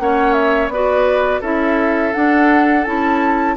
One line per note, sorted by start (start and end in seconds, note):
0.00 0.69 A#3
0.00 0.72 C#4
0.00 0.74 C#5
0.00 0.33 F#5
0.33 0.69 E5
0.69 1.40 B3
0.69 1.42 F#4
0.69 1.41 B4
0.69 1.42 D5
1.41 2.13 C#4
1.41 2.13 E4
1.41 3.55 A4
1.41 2.14 E5
2.13 2.85 D4
2.13 2.87 D4
2.13 2.85 F#5
2.85 3.57 C#4
2.85 3.57 E4
2.85 3.56 A5